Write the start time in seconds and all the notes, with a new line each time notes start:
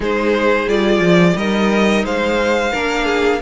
0.00 G#3 D#4 G#4 C5
0.67 G3 F4 D5
0.99 F3
1.35 G3 D#4 A#4 D#5
2.04 G#3 C5 F5
2.72 A#3 D4 A#4
3.05 G#4